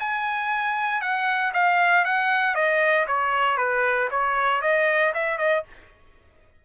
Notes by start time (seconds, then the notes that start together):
0.00 G#5
1.01 F#5
1.54 F5
2.05 F#5
2.55 D#5
3.07 C#5
3.58 B4
4.11 C#5
4.62 D#5
5.14 E5
5.38 D#5